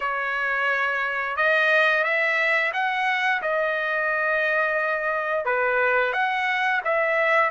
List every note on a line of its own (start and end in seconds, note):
0.00 1.36 C#5
1.36 2.04 D#5
2.04 2.72 E5
2.73 3.41 F#5
3.42 5.45 D#5
5.45 6.12 B4
6.12 6.81 F#5
6.84 7.50 E5